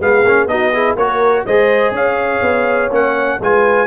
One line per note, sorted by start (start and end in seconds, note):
0.00 0.24 G#3
0.00 0.26 B3
0.00 0.51 G#4
0.00 0.48 F5
0.25 0.47 A#3
0.25 0.49 C#4
0.47 0.95 B3
0.47 0.73 D#4
0.47 0.73 F#4
0.47 0.97 D#5
0.73 0.98 E4
0.73 0.98 G#4
0.96 1.45 A#3
0.96 1.48 F#4
0.96 1.46 A#4
0.96 1.46 C#5
1.46 1.92 G#3
1.46 2.91 G#4
1.46 1.93 C5
1.46 1.94 D#5
1.92 2.40 C#4
1.92 3.39 C#5
1.92 2.93 F5
2.42 2.90 B3
2.91 3.40 A#3
2.91 3.40 C#4
2.91 3.43 F#5
3.40 3.88 G#3
3.40 3.88 F4
3.40 3.88 B4
3.40 3.88 G#5